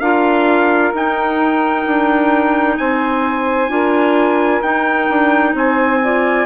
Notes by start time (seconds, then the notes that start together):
0.00 D4 F4 A#4 F5
0.93 D#4 G5
1.86 D4
2.77 C4 C5 G#5
3.69 D4 F4 A#4
4.62 D#4 G5
5.10 D4
5.53 C4 C5 G#5
6.03 F4 D5